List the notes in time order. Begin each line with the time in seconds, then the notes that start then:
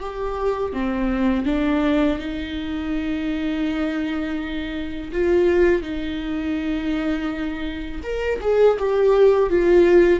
0.00 G4
0.73 C4
1.46 D4
2.19 D#4
5.12 F4
5.82 D#4
8.03 A#4
8.41 G#4
8.79 G4
9.50 F4